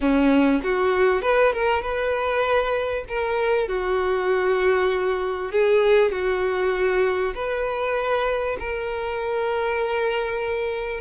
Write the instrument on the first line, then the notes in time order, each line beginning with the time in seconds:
violin
0.00 C#4
0.63 F#4
1.22 B4
1.52 A#4
1.82 B4
3.08 A#4
3.68 F#4
5.51 G#4
6.11 F#4
7.34 B4
8.59 A#4